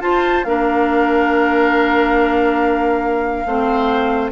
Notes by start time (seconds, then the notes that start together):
0.00 F4 C5 A5
0.44 A#3 D4 A#4 F5
3.46 A3 C4 C5